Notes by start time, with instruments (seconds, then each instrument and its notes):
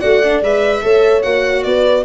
0.00 tuba A3, viola F#4, horn D5, violin F#5
0.24 viola D4
0.42 tuba G#3, viola B4, violin E5
0.82 tuba A3, viola A4, horn C#5
1.22 tuba A#3, viola F#4, violin F#5
1.63 tuba B3, horn B4, violin D5